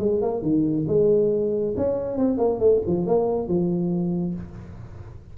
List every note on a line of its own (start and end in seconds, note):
0.00 0.22 G#3
0.22 0.42 A#3
0.42 0.86 D#3
0.88 1.75 G#3
1.77 2.18 C#4
2.18 2.38 C4
2.38 2.60 A#3
2.60 2.82 A3
2.87 3.07 F3
3.07 3.48 A#3
3.48 4.35 F3